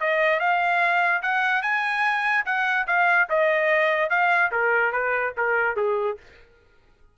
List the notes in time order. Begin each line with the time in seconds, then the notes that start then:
0.00 D#5
0.39 F5
1.22 F#5
1.62 G#5
2.45 F#5
2.87 F5
3.29 D#5
4.09 F5
4.51 A#4
4.92 B4
5.37 A#4
5.76 G#4